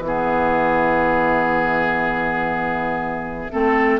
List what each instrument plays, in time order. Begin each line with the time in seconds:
0.00 bassoon E3, clarinet B3, flute E5
0.07 oboe G#4
3.52 bassoon A3, clarinet C4, oboe A4